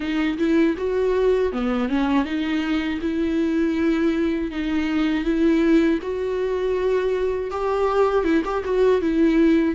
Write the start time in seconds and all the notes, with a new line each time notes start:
0.00 D#4
0.38 E4
0.77 F#4
1.52 B3
1.89 C#4
2.24 D#4
3.01 E4
4.51 D#4
5.24 E4
6.01 F#4
7.50 G4
8.23 E4
8.44 G4
8.64 F#4
9.01 E4